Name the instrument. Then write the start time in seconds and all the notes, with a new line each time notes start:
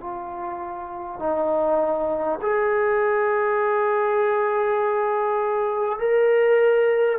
trombone
0.00 F4
1.19 D#4
2.41 G#4
5.98 A#4